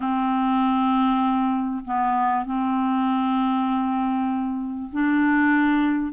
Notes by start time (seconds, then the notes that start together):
0.00 C4
1.84 B3
2.45 C4
4.92 D4